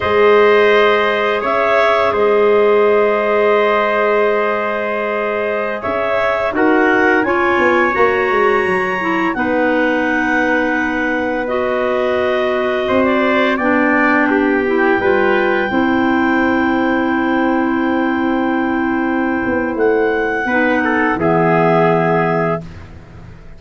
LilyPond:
<<
  \new Staff \with { instrumentName = "clarinet" } { \time 4/4 \tempo 4 = 85 dis''2 e''4 dis''4~ | dis''1~ | dis''16 e''4 fis''4 gis''4 ais''8.~ | ais''4~ ais''16 fis''2~ fis''8.~ |
fis''16 dis''2~ dis''16 d''8. g''8.~ | g''1~ | g''1 | fis''2 e''2 | }
  \new Staff \with { instrumentName = "trumpet" } { \time 4/4 c''2 cis''4 c''4~ | c''1~ | c''16 cis''4 ais'4 cis''4.~ cis''16~ | cis''4~ cis''16 b'2~ b'8.~ |
b'2~ b'16 c''4 d''8.~ | d''16 g'4 b'4 c''4.~ c''16~ | c''1~ | c''4 b'8 a'8 gis'2 | }
  \new Staff \with { instrumentName = "clarinet" } { \time 4/4 gis'1~ | gis'1~ | gis'4~ gis'16 fis'4 f'4 fis'8.~ | fis'8. e'8 dis'2~ dis'8.~ |
dis'16 fis'2. d'8.~ | d'8. e'8 f'4 e'4.~ e'16~ | e'1~ | e'4 dis'4 b2 | }
  \new Staff \with { instrumentName = "tuba" } { \time 4/4 gis2 cis'4 gis4~ | gis1~ | gis16 cis'4 dis'4 cis'8 b8 ais8 gis16~ | gis16 fis4 b2~ b8.~ |
b2~ b16 c'4 b8.~ | b4~ b16 g4 c'4.~ c'16~ | c'2.~ c'8 b8 | a4 b4 e2 | }
>>